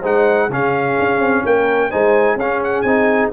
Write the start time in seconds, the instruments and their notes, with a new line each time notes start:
0.00 tuba G#3, trombone D#4, horn C5, trumpet F#5
0.48 tuba C#3, trombone C#4, horn G#4, trumpet F5
0.99 tuba C#4
1.19 tuba C4
1.44 tuba A#3, horn A#4, trumpet G5
1.89 tuba G#3, trombone D#4, horn C5, trumpet G#5
2.35 tuba C#4, trombone C#4, horn G#4, trumpet F5
2.63 trumpet F#5
2.81 tuba C4, trombone D#4, trumpet G#5